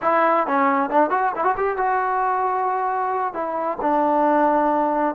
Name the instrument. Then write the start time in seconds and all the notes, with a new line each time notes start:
trombone
0.02 E4
0.46 C#4
0.90 D4
1.10 F#4
1.35 E4
1.43 F#4
1.57 G4
1.77 F#4
3.33 E4
3.81 D4